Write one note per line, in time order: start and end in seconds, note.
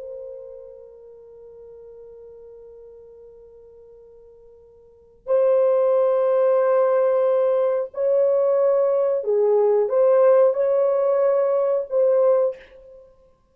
0.00 5.27 A#4
5.27 7.90 C5
7.94 9.24 C#5
9.24 9.89 G#4
9.89 10.54 C5
10.54 11.86 C#5
11.90 12.56 C5